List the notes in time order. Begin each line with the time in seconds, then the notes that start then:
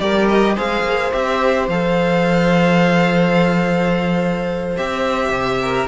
0.00 G3 G4 A#4 D5
0.28 D#5
0.54 G#3 G#4 C5 F5
0.83 A#3
1.12 C4 G4 E5
1.68 F3 A4 F5
4.77 C4 G4 E5
5.29 C3
5.62 A#4